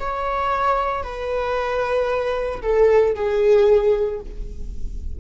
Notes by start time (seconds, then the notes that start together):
0.00 C#5
1.03 B4
2.62 A4
3.15 G#4